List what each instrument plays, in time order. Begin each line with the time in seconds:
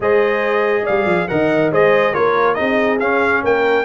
0.00 tuba G#3, trombone G#4, horn C5, trumpet D#5
0.83 tuba G3, horn D5, trumpet F5
1.05 tuba F3
1.28 tuba D#3, trombone A#4, horn D#5, trumpet F#5
1.71 tuba G#3, trombone G#4, horn C5, trumpet D#5
2.12 tuba A#3, trombone F4, horn A#4, trumpet C#5
2.54 tuba C4, trombone D#4, horn G#4, trumpet D#5
2.99 tuba C#4, trombone C#4, trumpet F5
3.42 tuba A#3, horn A#4, trumpet G5